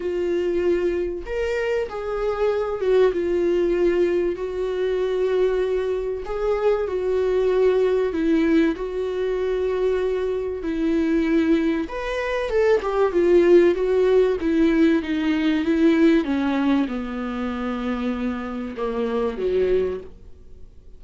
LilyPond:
\new Staff \with { instrumentName = "viola" } { \time 4/4 \tempo 4 = 96 f'2 ais'4 gis'4~ | gis'8 fis'8 f'2 fis'4~ | fis'2 gis'4 fis'4~ | fis'4 e'4 fis'2~ |
fis'4 e'2 b'4 | a'8 g'8 f'4 fis'4 e'4 | dis'4 e'4 cis'4 b4~ | b2 ais4 fis4 | }